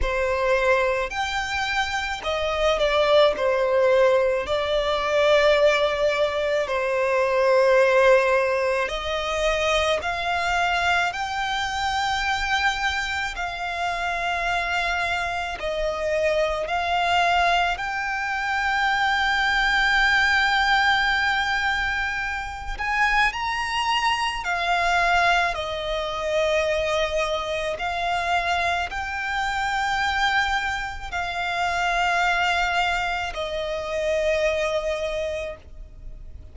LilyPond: \new Staff \with { instrumentName = "violin" } { \time 4/4 \tempo 4 = 54 c''4 g''4 dis''8 d''8 c''4 | d''2 c''2 | dis''4 f''4 g''2 | f''2 dis''4 f''4 |
g''1~ | g''8 gis''8 ais''4 f''4 dis''4~ | dis''4 f''4 g''2 | f''2 dis''2 | }